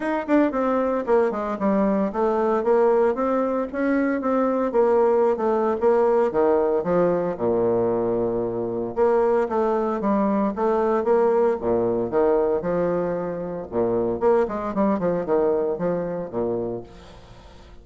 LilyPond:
\new Staff \with { instrumentName = "bassoon" } { \time 4/4 \tempo 4 = 114 dis'8 d'8 c'4 ais8 gis8 g4 | a4 ais4 c'4 cis'4 | c'4 ais4~ ais16 a8. ais4 | dis4 f4 ais,2~ |
ais,4 ais4 a4 g4 | a4 ais4 ais,4 dis4 | f2 ais,4 ais8 gis8 | g8 f8 dis4 f4 ais,4 | }